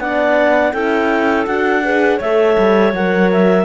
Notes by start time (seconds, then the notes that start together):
0.00 B3 D4 D5 F#5
0.72 C#4 E4 A4 G5
1.46 D4 F#4 F#5
1.84 G#4 B4
2.17 A3 A4 C#5 E5
2.58 G3
2.93 F#3 A#4 F#5
3.32 E5